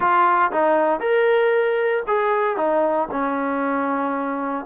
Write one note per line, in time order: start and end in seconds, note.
0.00 0.51 F4
0.51 0.99 D#4
0.99 2.03 A#4
2.07 2.57 G#4
2.57 3.08 D#4
3.11 4.65 C#4